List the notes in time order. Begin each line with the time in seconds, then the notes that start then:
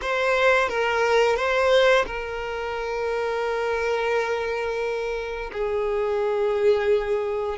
0.01 C5
0.68 A#4
1.36 C5
2.06 A#4
5.52 G#4